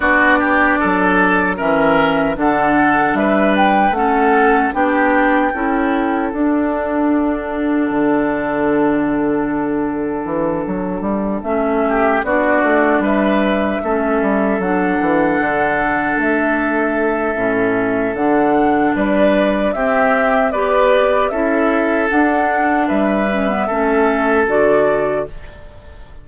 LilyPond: <<
  \new Staff \with { instrumentName = "flute" } { \time 4/4 \tempo 4 = 76 d''2 e''4 fis''4 | e''8 g''8 fis''4 g''2 | fis''1~ | fis''2~ fis''8 e''4 d''8~ |
d''8 e''2 fis''4.~ | fis''8 e''2~ e''8 fis''4 | d''4 e''4 d''4 e''4 | fis''4 e''2 d''4 | }
  \new Staff \with { instrumentName = "oboe" } { \time 4/4 fis'8 g'8 a'4 ais'4 a'4 | b'4 a'4 g'4 a'4~ | a'1~ | a'2. g'8 fis'8~ |
fis'8 b'4 a'2~ a'8~ | a'1 | b'4 g'4 b'4 a'4~ | a'4 b'4 a'2 | }
  \new Staff \with { instrumentName = "clarinet" } { \time 4/4 d'2 cis'4 d'4~ | d'4 cis'4 d'4 e'4 | d'1~ | d'2~ d'8 cis'4 d'8~ |
d'4. cis'4 d'4.~ | d'2 cis'4 d'4~ | d'4 c'4 g'4 e'4 | d'4. cis'16 b16 cis'4 fis'4 | }
  \new Staff \with { instrumentName = "bassoon" } { \time 4/4 b4 fis4 e4 d4 | g4 a4 b4 cis'4 | d'2 d2~ | d4 e8 fis8 g8 a4 b8 |
a8 g4 a8 g8 fis8 e8 d8~ | d8 a4. a,4 d4 | g4 c'4 b4 cis'4 | d'4 g4 a4 d4 | }
>>